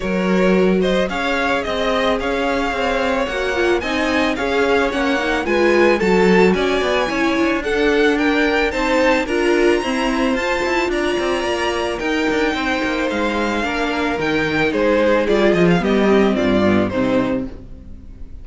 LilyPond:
<<
  \new Staff \with { instrumentName = "violin" } { \time 4/4 \tempo 4 = 110 cis''4. dis''8 f''4 dis''4 | f''2 fis''4 gis''4 | f''4 fis''4 gis''4 a''4 | gis''2 fis''4 g''4 |
a''4 ais''2 a''4 | ais''2 g''2 | f''2 g''4 c''4 | d''8 dis''16 f''16 dis''4 d''4 c''4 | }
  \new Staff \with { instrumentName = "violin" } { \time 4/4 ais'4. c''8 cis''4 dis''4 | cis''2. dis''4 | cis''2 b'4 a'4 | d''4 cis''4 a'4 ais'4 |
c''4 ais'4 c''2 | d''2 ais'4 c''4~ | c''4 ais'2 gis'4~ | gis'4 g'4 f'4 dis'4 | }
  \new Staff \with { instrumentName = "viola" } { \time 4/4 fis'2 gis'2~ | gis'2 fis'8 f'8 dis'4 | gis'4 cis'8 dis'8 f'4 fis'4~ | fis'4 e'4 d'2 |
dis'4 f'4 c'4 f'4~ | f'2 dis'2~ | dis'4 d'4 dis'2 | f'4 b8 c'4 b8 c'4 | }
  \new Staff \with { instrumentName = "cello" } { \time 4/4 fis2 cis'4 c'4 | cis'4 c'4 ais4 c'4 | cis'4 ais4 gis4 fis4 | cis'8 b8 cis'8 d'2~ d'8 |
c'4 d'4 e'4 f'8 e'8 | d'8 c'8 ais4 dis'8 d'8 c'8 ais8 | gis4 ais4 dis4 gis4 | g8 f8 g4 g,4 c4 | }
>>